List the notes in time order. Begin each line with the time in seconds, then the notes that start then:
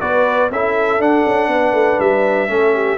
0.00 B3 F#4 B4 D5
0.50 C#4 E4 A4 E5
0.99 D4 F#5
1.26 C#4
1.47 B3 B4
1.72 A3
1.99 G3 E5
2.48 A3 C#4 A4
2.74 G4